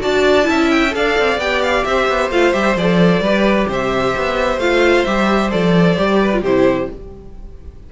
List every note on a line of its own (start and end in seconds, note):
0.00 0.49 D4
0.00 0.43 F#4
0.00 0.47 D5
0.00 0.70 A5
0.43 0.89 E4
0.49 0.95 C#4
0.49 0.95 E5
0.70 0.93 G5
0.90 1.18 D4
0.90 1.36 A4
0.90 1.87 D5
0.90 1.39 F5
1.18 1.37 C4
1.37 1.83 B3
1.37 2.32 G4
1.37 1.62 G5
1.62 1.84 F5
1.84 2.08 C4
1.84 3.22 C5
1.84 2.30 E5
2.08 2.30 B3
2.30 2.53 A3
2.30 2.53 F4
2.30 2.53 F5
2.53 2.76 G3
2.53 2.75 G4
2.53 2.76 E5
2.76 3.20 F3
2.76 3.23 A4
2.76 3.69 D5
3.20 3.66 G3
3.20 4.60 G4
3.20 3.68 B4
3.68 4.14 C3
3.68 6.20 C5
3.68 4.59 E5
4.16 4.58 B3
4.58 5.03 A3
4.58 5.06 F4
4.58 5.04 F5
5.04 5.52 G3
5.04 5.51 G4
5.04 5.50 E5
5.51 5.97 F3
5.51 5.96 A4
5.51 6.42 D5
5.96 6.42 G3
5.96 6.31 G4
6.21 6.41 B4
6.33 6.44 F4
6.41 6.87 C3
6.41 6.92 E4
6.41 6.87 G4
6.41 6.90 C5